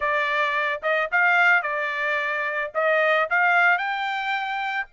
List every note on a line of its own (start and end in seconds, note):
0.00 0.81 D5
0.82 1.09 D#5
1.11 1.62 F5
1.62 2.71 D5
2.74 3.29 D#5
3.30 3.78 F5
3.78 4.87 G5